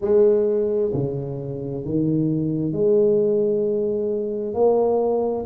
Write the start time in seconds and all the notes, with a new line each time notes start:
0.01 G#3
0.93 C#3
1.84 D#3
2.72 G#3
4.54 A#3